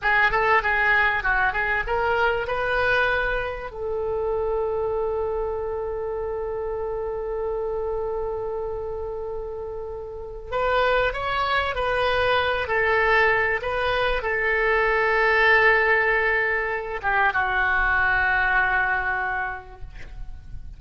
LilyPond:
\new Staff \with { instrumentName = "oboe" } { \time 4/4 \tempo 4 = 97 gis'8 a'8 gis'4 fis'8 gis'8 ais'4 | b'2 a'2~ | a'1~ | a'1~ |
a'4 b'4 cis''4 b'4~ | b'8 a'4. b'4 a'4~ | a'2.~ a'8 g'8 | fis'1 | }